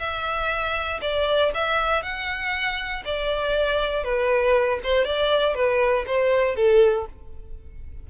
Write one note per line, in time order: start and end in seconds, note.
0.00 1.01 E5
1.02 1.52 D5
1.54 2.03 E5
2.03 3.04 F#5
3.05 4.04 D5
4.04 4.80 B4
4.84 5.05 C5
5.05 5.55 D5
5.55 6.05 B4
6.07 6.56 C5
6.56 7.07 A4